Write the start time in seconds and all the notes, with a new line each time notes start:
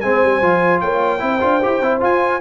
0.00 G#3 C4 C5 G#5
0.23 G3
0.41 F3 F4
0.80 A#3 C#5 G5
1.19 C4 E4 C5
1.40 D4 F4
1.62 E4 G4
1.81 C4 E4
2.00 F4 G#5